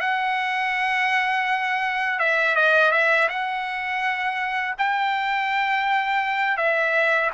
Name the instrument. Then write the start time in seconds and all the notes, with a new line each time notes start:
trumpet
0.00 F#5
2.19 E5
2.55 D#5
2.91 E5
3.29 F#5
4.78 G5
6.57 E5